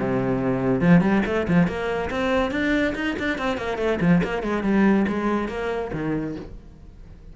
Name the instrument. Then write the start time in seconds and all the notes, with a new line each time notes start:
cello
0.00 C3
0.81 F3
1.01 G3
1.26 A3
1.48 F3
1.68 A#3
2.10 C4
2.51 D4
2.95 D#4
3.19 D4
3.38 C4
3.57 A#3
3.78 A3
4.01 F3
4.24 A#3
4.43 G#3
4.63 G3
5.08 G#3
5.48 A#3
5.93 D#3